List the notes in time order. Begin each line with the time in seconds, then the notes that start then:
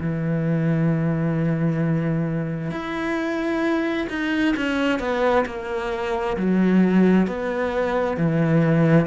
0.00 E3
2.71 E4
4.09 D#4
4.56 C#4
4.99 B3
5.45 A#3
6.37 F#3
7.27 B3
8.17 E3